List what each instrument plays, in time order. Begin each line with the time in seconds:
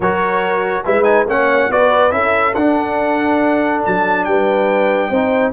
0.00 tuba F#3, trombone F#4, horn A#4, trumpet C#5
0.84 tuba G#3, trombone E4, horn B4, trumpet E5
1.03 trombone D#4, trumpet G#5
1.26 tuba A#3, trombone C#4, horn C#5, trumpet F#5
1.70 tuba B3, trombone F#4, horn B4, trumpet D5
2.10 tuba C#4, trombone E4, horn A4, trumpet E5
2.54 tuba D4, trombone D4, trumpet F#5
3.85 tuba F#3, trumpet A5
4.24 tuba G3, horn B4, trumpet G5
5.09 tuba C4, trombone D#4, horn C5